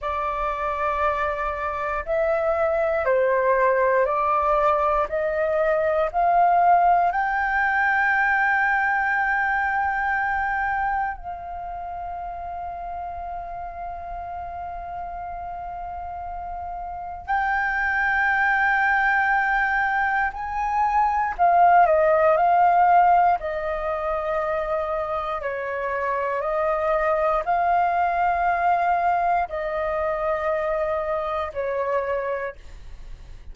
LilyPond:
\new Staff \with { instrumentName = "flute" } { \time 4/4 \tempo 4 = 59 d''2 e''4 c''4 | d''4 dis''4 f''4 g''4~ | g''2. f''4~ | f''1~ |
f''4 g''2. | gis''4 f''8 dis''8 f''4 dis''4~ | dis''4 cis''4 dis''4 f''4~ | f''4 dis''2 cis''4 | }